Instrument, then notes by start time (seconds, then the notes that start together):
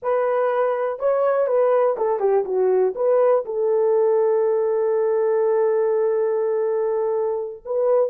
horn
0.02 B4
0.99 C#5
1.47 B4
1.97 A4
2.19 G4
2.44 F#4
2.95 B4
3.45 A4
7.65 B4